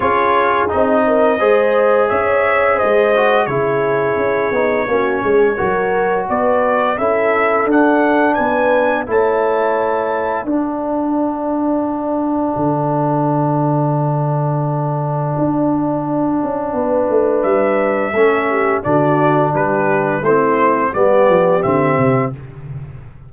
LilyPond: <<
  \new Staff \with { instrumentName = "trumpet" } { \time 4/4 \tempo 4 = 86 cis''4 dis''2 e''4 | dis''4 cis''2.~ | cis''4 d''4 e''4 fis''4 | gis''4 a''2 fis''4~ |
fis''1~ | fis''1~ | fis''4 e''2 d''4 | b'4 c''4 d''4 e''4 | }
  \new Staff \with { instrumentName = "horn" } { \time 4/4 gis'4. ais'8 c''4 cis''4 | c''4 gis'2 fis'8 gis'8 | ais'4 b'4 a'2 | b'4 cis''2 a'4~ |
a'1~ | a'1 | b'2 a'8 g'8 fis'4 | g'4 e'4 g'2 | }
  \new Staff \with { instrumentName = "trombone" } { \time 4/4 f'4 dis'4 gis'2~ | gis'8 fis'8 e'4. dis'8 cis'4 | fis'2 e'4 d'4~ | d'4 e'2 d'4~ |
d'1~ | d'1~ | d'2 cis'4 d'4~ | d'4 c'4 b4 c'4 | }
  \new Staff \with { instrumentName = "tuba" } { \time 4/4 cis'4 c'4 gis4 cis'4 | gis4 cis4 cis'8 b8 ais8 gis8 | fis4 b4 cis'4 d'4 | b4 a2 d'4~ |
d'2 d2~ | d2 d'4. cis'8 | b8 a8 g4 a4 d4 | g4 a4 g8 f8 d8 c8 | }
>>